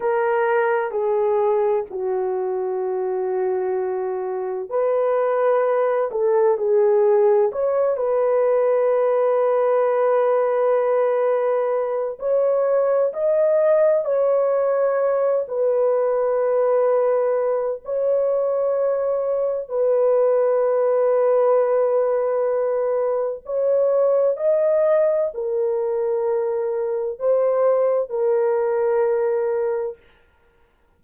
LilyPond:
\new Staff \with { instrumentName = "horn" } { \time 4/4 \tempo 4 = 64 ais'4 gis'4 fis'2~ | fis'4 b'4. a'8 gis'4 | cis''8 b'2.~ b'8~ | b'4 cis''4 dis''4 cis''4~ |
cis''8 b'2~ b'8 cis''4~ | cis''4 b'2.~ | b'4 cis''4 dis''4 ais'4~ | ais'4 c''4 ais'2 | }